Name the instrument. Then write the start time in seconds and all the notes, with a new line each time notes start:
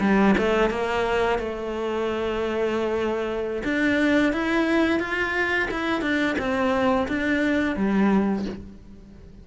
cello
0.00 G3
0.38 A3
0.70 A#3
1.39 A3
3.64 D4
4.33 E4
5.00 F4
5.71 E4
6.02 D4
6.38 C4
7.08 D4
7.76 G3